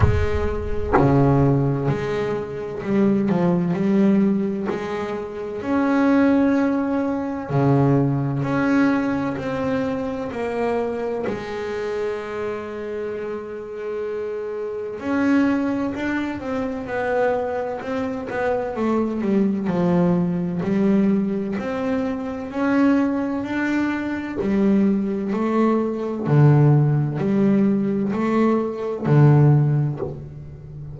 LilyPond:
\new Staff \with { instrumentName = "double bass" } { \time 4/4 \tempo 4 = 64 gis4 cis4 gis4 g8 f8 | g4 gis4 cis'2 | cis4 cis'4 c'4 ais4 | gis1 |
cis'4 d'8 c'8 b4 c'8 b8 | a8 g8 f4 g4 c'4 | cis'4 d'4 g4 a4 | d4 g4 a4 d4 | }